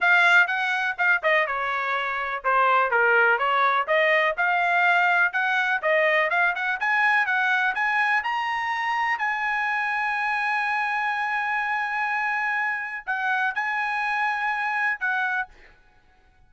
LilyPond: \new Staff \with { instrumentName = "trumpet" } { \time 4/4 \tempo 4 = 124 f''4 fis''4 f''8 dis''8 cis''4~ | cis''4 c''4 ais'4 cis''4 | dis''4 f''2 fis''4 | dis''4 f''8 fis''8 gis''4 fis''4 |
gis''4 ais''2 gis''4~ | gis''1~ | gis''2. fis''4 | gis''2. fis''4 | }